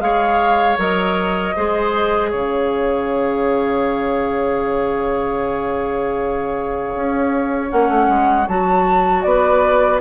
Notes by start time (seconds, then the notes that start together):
0.00 G#3 G#4 C#5 F5
0.78 F#3 A#4 D#5
1.56 G#3 G#4 C5
2.30 C#3 C#5 F5
6.95 C#4
7.69 A#3 C#4 F#5
7.89 A3
8.09 G#3
8.48 F#3 F#4 A5
9.23 B3 B4 D5